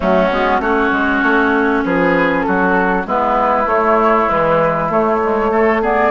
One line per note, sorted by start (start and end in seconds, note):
0.00 0.31 F#3
0.00 0.30 A3
0.00 0.61 C#4
0.00 0.61 F#4
0.31 0.59 G#3
0.31 0.61 B3
0.59 0.90 A3
0.59 3.05 C#4
0.59 1.84 F#4
0.59 1.83 C#5
0.91 1.22 G#3
1.22 1.83 A3
1.84 2.46 F3
1.84 2.46 G#4
1.84 2.41 B4
2.41 3.05 F#3
2.41 3.07 F#4
2.41 3.03 A4
3.05 3.65 G#3
3.05 3.65 B3
3.05 5.51 E4
3.05 3.68 B4
3.65 4.26 A3
3.65 4.27 A3
3.65 4.29 C#5
4.28 4.90 E3
4.28 4.89 G#3
4.28 4.90 B4
4.89 6.11 A3
4.89 5.21 A3
4.89 5.83 C#5
5.22 5.51 G#3
5.51 5.81 A3
5.51 5.81 A4
5.81 6.11 B3
5.81 6.11 G#4
5.81 6.11 D5